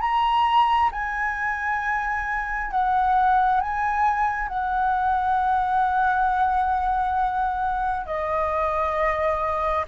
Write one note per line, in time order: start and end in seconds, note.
0.00 0.90 A#5
0.92 2.71 G#5
2.71 3.60 F#5
3.60 4.48 G#5
4.48 8.06 F#5
8.06 9.85 D#5